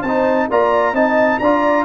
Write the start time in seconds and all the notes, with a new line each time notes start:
0.00 C4 C5 A5
0.07 D#4
0.50 A#3 F4 D5 A#5
0.92 C4 D#4 D#5 A5
1.39 D4 F4 D5 A#5